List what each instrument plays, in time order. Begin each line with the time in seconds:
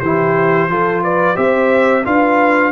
0.00 tuba E3, trombone E4, horn G4, trumpet C5
0.68 tuba F3, trombone F4, horn A4
1.04 horn B4, trumpet D5
1.36 tuba C4, trombone G4, horn C5, trumpet E5
2.05 tuba D4, trombone F4, horn B4, trumpet F5